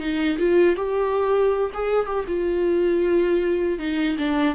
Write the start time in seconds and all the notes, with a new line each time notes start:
0.00 D#4
0.39 F4
0.76 G4
1.74 G#4
2.06 G4
2.28 F4
3.79 D#4
4.18 D4